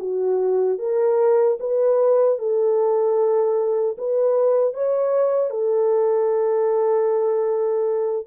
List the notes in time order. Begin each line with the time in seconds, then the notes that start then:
0.00 F#4
0.79 A#4
1.60 B4
2.39 A4
3.98 B4
4.74 C#5
5.50 A4